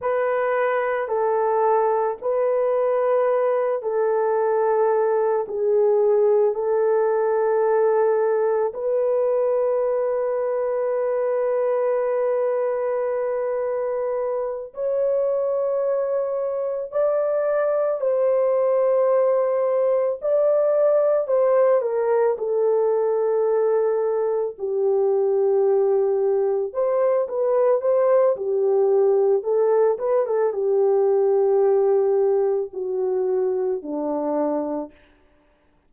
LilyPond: \new Staff \with { instrumentName = "horn" } { \time 4/4 \tempo 4 = 55 b'4 a'4 b'4. a'8~ | a'4 gis'4 a'2 | b'1~ | b'4. cis''2 d''8~ |
d''8 c''2 d''4 c''8 | ais'8 a'2 g'4.~ | g'8 c''8 b'8 c''8 g'4 a'8 b'16 a'16 | g'2 fis'4 d'4 | }